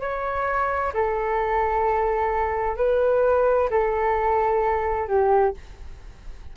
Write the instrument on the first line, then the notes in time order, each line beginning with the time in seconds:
flute
0.00 C#5
0.93 A4
2.77 B4
3.69 A4
5.07 G4